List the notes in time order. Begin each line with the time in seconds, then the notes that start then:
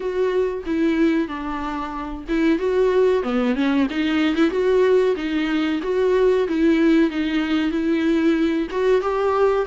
0.00 F#4
0.66 E4
1.28 D4
2.28 E4
2.58 F#4
3.23 B3
3.55 C#4
3.89 D#4
4.35 E4
4.50 F#4
5.16 D#4
5.82 F#4
6.48 E4
7.10 D#4
7.70 E4
8.70 F#4
9.01 G4